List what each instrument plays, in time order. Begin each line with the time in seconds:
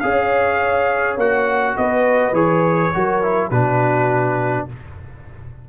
0.00 tuba C#4, trombone G#4, horn C#5, trumpet F5
1.17 tuba A#3, trombone F#4, trumpet F#5
1.77 tuba B3, horn B4, trumpet D#5
2.32 tuba E3, trombone G#4, trumpet C#5
2.94 tuba F#3, trombone F#4, horn A#4
3.22 trombone E4
3.49 tuba B2, trombone D4, horn F#4, trumpet B4